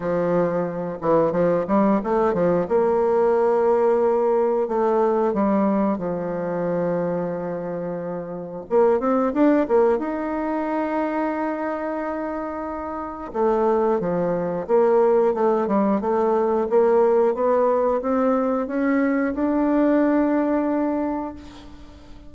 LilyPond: \new Staff \with { instrumentName = "bassoon" } { \time 4/4 \tempo 4 = 90 f4. e8 f8 g8 a8 f8 | ais2. a4 | g4 f2.~ | f4 ais8 c'8 d'8 ais8 dis'4~ |
dis'1 | a4 f4 ais4 a8 g8 | a4 ais4 b4 c'4 | cis'4 d'2. | }